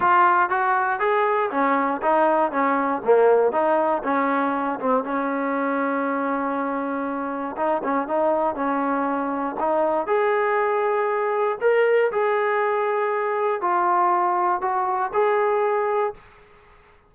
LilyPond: \new Staff \with { instrumentName = "trombone" } { \time 4/4 \tempo 4 = 119 f'4 fis'4 gis'4 cis'4 | dis'4 cis'4 ais4 dis'4 | cis'4. c'8 cis'2~ | cis'2. dis'8 cis'8 |
dis'4 cis'2 dis'4 | gis'2. ais'4 | gis'2. f'4~ | f'4 fis'4 gis'2 | }